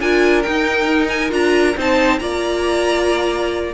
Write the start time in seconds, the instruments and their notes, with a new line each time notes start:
0.00 cello D4, viola F4, violin A#4 G#5
0.42 viola D#4, cello D#4, violin G5
1.08 violin G#5
1.29 cello D4, viola F4, violin A#5
1.76 cello C4, viola D#4, violin C5 A5
2.18 cello A#3, viola F4, violin D5 A#5